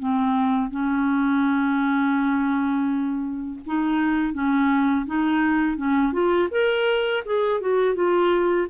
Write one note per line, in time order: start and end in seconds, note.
0.00 0.71 C4
0.71 3.60 C#4
3.66 4.34 D#4
4.34 5.06 C#4
5.07 5.77 D#4
5.77 6.13 C#4
6.13 6.49 F4
6.52 7.24 A#4
7.26 7.61 G#4
7.61 7.96 F#4
7.96 8.68 F4